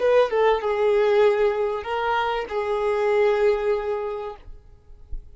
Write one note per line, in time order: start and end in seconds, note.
0.00 0.30 B4
0.30 0.61 A4
0.62 1.84 G#4
1.84 2.46 A#4
2.49 4.36 G#4